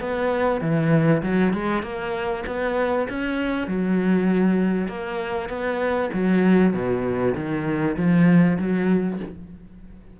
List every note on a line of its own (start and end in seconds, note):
0.00 0.61 B3
0.61 1.22 E3
1.22 1.53 F#3
1.53 1.82 G#3
1.82 2.44 A#3
2.46 3.08 B3
3.09 3.67 C#4
3.67 4.88 F#3
4.88 5.49 A#3
5.49 6.10 B3
6.13 6.73 F#3
6.73 7.34 B2
7.35 7.96 D#3
7.96 8.57 F3
8.58 9.19 F#3